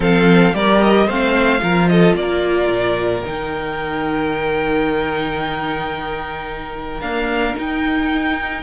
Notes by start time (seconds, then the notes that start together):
0.00 F3 C4 A4 F5
0.53 G3 G4 A#4 D5
0.82 D#5
1.06 A3 C4 C5 F5
1.59 F3 F4 A#4
1.87 A4 D#5
2.14 A#3 D5
2.21 A#4
2.68 A#2
3.24 D#3 D#4 G5
7.00 A#3 D4 F5
7.54 D#4 G5